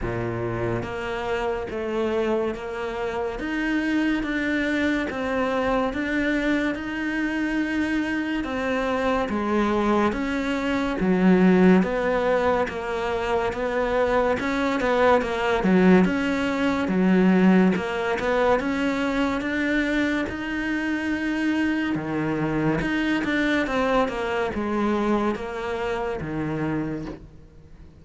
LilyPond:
\new Staff \with { instrumentName = "cello" } { \time 4/4 \tempo 4 = 71 ais,4 ais4 a4 ais4 | dis'4 d'4 c'4 d'4 | dis'2 c'4 gis4 | cis'4 fis4 b4 ais4 |
b4 cis'8 b8 ais8 fis8 cis'4 | fis4 ais8 b8 cis'4 d'4 | dis'2 dis4 dis'8 d'8 | c'8 ais8 gis4 ais4 dis4 | }